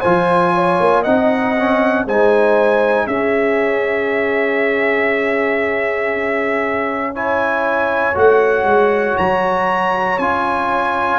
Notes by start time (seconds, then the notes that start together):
0.00 F3 F4 C5 G#5
0.54 C#5
0.79 A#3
1.01 C4 D#4 D#5 F#5
1.57 C#4
2.05 G#3 D#4 C5 G#5
3.06 C#4 G#4 E5
7.13 E4 C#5 G#5
8.14 A3 F#4 F#5
8.63 G#3
9.17 F#3 A#5
10.18 C#4 F4 G#5